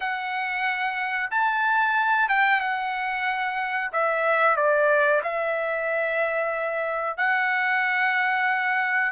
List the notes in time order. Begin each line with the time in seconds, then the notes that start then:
0.00 F#5
1.30 A5
2.29 G5
2.60 F#5
3.92 E5
4.56 D5
5.23 E5
7.17 F#5